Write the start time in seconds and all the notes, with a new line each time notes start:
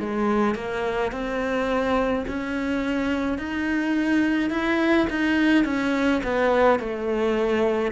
0.00 G#3
0.55 A#3
1.12 C4
2.28 C#4
3.39 D#4
4.50 E4
5.10 D#4
5.65 C#4
6.24 B3
6.79 A3